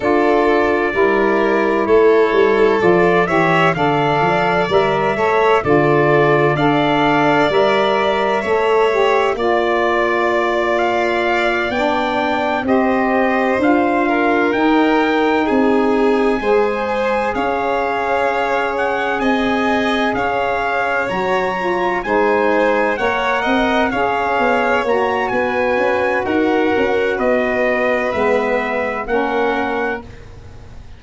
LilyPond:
<<
  \new Staff \with { instrumentName = "trumpet" } { \time 4/4 \tempo 4 = 64 d''2 cis''4 d''8 e''8 | f''4 e''4 d''4 f''4 | e''2 d''4. f''8~ | f''8 g''4 dis''4 f''4 g''8~ |
g''8 gis''2 f''4. | fis''8 gis''4 f''4 ais''4 gis''8~ | gis''8 fis''4 f''4 ais''8 gis''4 | fis''4 dis''4 e''4 fis''4 | }
  \new Staff \with { instrumentName = "violin" } { \time 4/4 a'4 ais'4 a'4. cis''8 | d''4. cis''8 a'4 d''4~ | d''4 cis''4 d''2~ | d''4. c''4. ais'4~ |
ais'8 gis'4 c''4 cis''4.~ | cis''8 dis''4 cis''2 c''8~ | c''8 cis''8 dis''8 cis''4. b'4 | ais'4 b'2 ais'4 | }
  \new Staff \with { instrumentName = "saxophone" } { \time 4/4 f'4 e'2 f'8 g'8 | a'4 ais'8 a'8 f'4 a'4 | ais'4 a'8 g'8 f'2~ | f'8 d'4 g'4 f'4 dis'8~ |
dis'4. gis'2~ gis'8~ | gis'2~ gis'8 fis'8 f'8 dis'8~ | dis'8 ais'4 gis'4 fis'4.~ | fis'2 b4 cis'4 | }
  \new Staff \with { instrumentName = "tuba" } { \time 4/4 d'4 g4 a8 g8 f8 e8 | d8 f8 g8 a8 d4 d'4 | g4 a4 ais2~ | ais8 b4 c'4 d'4 dis'8~ |
dis'8 c'4 gis4 cis'4.~ | cis'8 c'4 cis'4 fis4 gis8~ | gis8 ais8 c'8 cis'8 b8 ais8 b8 cis'8 | dis'8 cis'8 b4 gis4 ais4 | }
>>